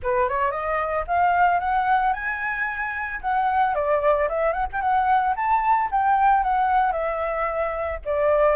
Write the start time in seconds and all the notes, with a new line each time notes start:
0.02 B4
0.28 C#5
0.51 D#5
1.07 F5
1.59 F#5
2.13 G#5
3.21 F#5
3.75 D5
4.29 E5
4.52 F#5
4.72 G5
4.81 F#5
5.36 A5
5.91 G5
6.43 F#5
6.92 E5
8.05 D5